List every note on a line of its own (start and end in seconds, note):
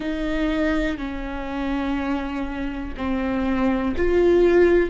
0.00 0.97 D#4
0.97 2.94 C#4
2.96 3.95 C4
3.96 4.90 F4